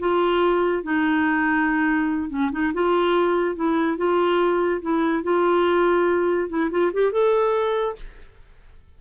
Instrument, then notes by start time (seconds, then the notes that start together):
clarinet
0.00 F4
0.84 D#4
2.30 C#4
2.52 D#4
2.74 F4
3.56 E4
3.98 F4
4.82 E4
5.24 F4
6.49 E4
6.71 F4
6.93 G4
7.12 A4